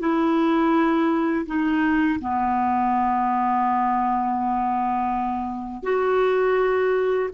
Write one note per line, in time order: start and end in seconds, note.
0.00 1.46 E4
1.47 2.20 D#4
2.21 5.84 B3
5.84 7.30 F#4